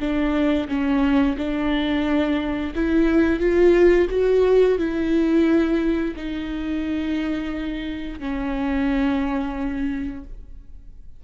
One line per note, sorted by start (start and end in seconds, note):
0.00 0.68 D4
0.68 1.37 C#4
1.38 2.74 D4
2.76 3.40 E4
3.40 4.08 F4
4.10 4.79 F#4
4.79 6.15 E4
6.17 8.20 D#4
8.20 10.25 C#4